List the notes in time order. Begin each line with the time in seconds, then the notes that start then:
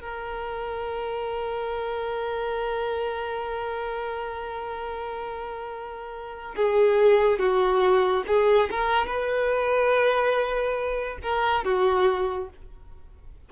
0.00 A#4
6.56 G#4
7.39 F#4
8.27 G#4
8.71 A#4
9.06 B4
11.22 A#4
11.64 F#4